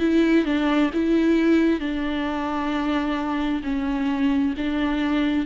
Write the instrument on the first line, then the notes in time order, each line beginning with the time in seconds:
viola
0.00 E4
0.45 D4
0.94 E4
1.81 D4
3.64 C#4
4.57 D4